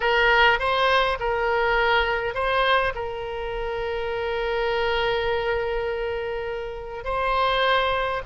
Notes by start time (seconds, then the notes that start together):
0.00 A#4
0.59 C5
1.19 A#4
2.34 C5
2.94 A#4
7.04 C5